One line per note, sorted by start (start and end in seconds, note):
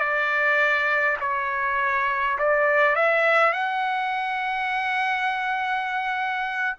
0.00 1.18 D5
1.21 2.38 C#5
2.39 2.96 D5
2.96 3.53 E5
3.53 6.76 F#5